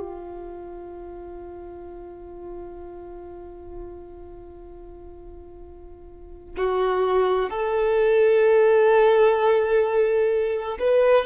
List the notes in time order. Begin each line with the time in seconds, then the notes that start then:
0.00 F4
6.58 F#4
7.50 A4
10.79 B4